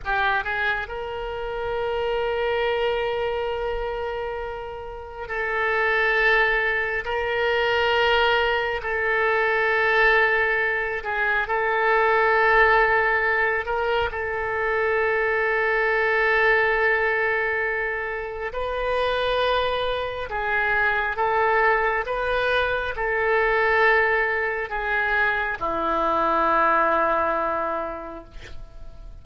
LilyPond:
\new Staff \with { instrumentName = "oboe" } { \time 4/4 \tempo 4 = 68 g'8 gis'8 ais'2.~ | ais'2 a'2 | ais'2 a'2~ | a'8 gis'8 a'2~ a'8 ais'8 |
a'1~ | a'4 b'2 gis'4 | a'4 b'4 a'2 | gis'4 e'2. | }